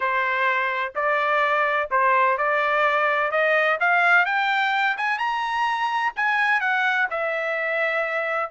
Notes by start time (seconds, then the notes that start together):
0.00 C5
0.95 D5
1.90 C5
2.37 D5
3.31 D#5
3.79 F5
4.25 G5
4.97 G#5
5.18 A#5
6.16 G#5
6.60 F#5
7.10 E5